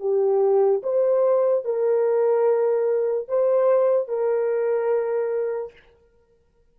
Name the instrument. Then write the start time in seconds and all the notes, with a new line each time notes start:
horn
0.00 G4
0.83 C5
1.65 A#4
3.28 C5
4.08 A#4